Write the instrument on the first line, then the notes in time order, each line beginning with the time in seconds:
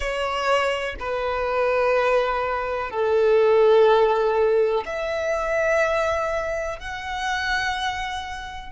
violin
0.00 C#5
0.99 B4
2.90 A4
4.85 E5
6.79 F#5